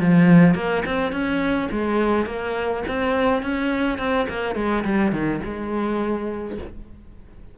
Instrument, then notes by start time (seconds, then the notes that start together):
cello
0.00 F3
0.55 A#3
0.85 C4
1.12 C#4
1.71 G#3
2.26 A#3
2.88 C4
3.42 C#4
3.98 C4
4.29 A#3
4.55 G#3
4.84 G3
5.12 D#3
5.44 G#3